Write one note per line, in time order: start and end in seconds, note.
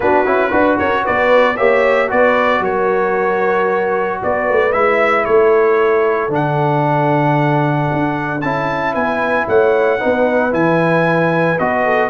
0.00 0.26 B3
0.00 0.25 D4
0.00 0.50 F#4
0.00 0.78 B4
0.25 0.52 C#4
0.25 0.50 E4
0.50 0.79 D4
0.50 1.56 F#4
0.50 0.76 B4
0.77 1.06 C#4
0.77 1.03 A#4
0.77 1.04 C#5
1.04 1.59 B3
1.04 1.55 B4
1.04 1.56 D5
1.55 2.11 A#3
1.55 2.08 G4
1.55 2.08 C#5
1.55 2.09 E5
2.08 2.60 B3
2.08 4.71 F#4
2.08 2.62 B4
2.08 2.63 D5
2.60 4.17 F#3
2.60 4.21 A#4
2.60 4.22 C#5
4.22 4.49 B3
4.22 5.27 B4
4.22 4.72 D5
4.49 4.74 A3
4.72 5.26 G#3
4.72 6.29 E4
4.72 5.25 E5
5.25 6.28 A3
5.25 8.93 A4
5.25 6.30 C#5
6.28 7.86 D3
6.28 8.40 D4
6.28 8.41 F#5
7.92 8.43 D4
8.41 8.95 C#4
8.41 9.99 E4
8.41 8.93 A5
8.93 9.47 B3
8.93 9.46 B4
8.93 9.46 G#5
9.47 10.00 A3
9.47 9.99 C#5
9.47 10.53 F#5
9.99 10.53 B3
9.99 10.51 D#4
9.99 11.83 B4
10.51 11.58 E3
10.51 11.56 E4
10.51 11.59 G#5
11.59 12.09 B3
11.59 12.09 F#4
11.59 12.09 D#5
11.84 12.09 A4